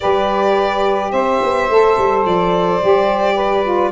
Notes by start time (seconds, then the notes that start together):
0.00 G3 G4 B4 D5
1.11 C4 C5 E5
1.42 B3
1.69 A3 A4
1.97 G3
2.25 F3 D5
2.81 G3 G4
3.34 B4
3.64 F4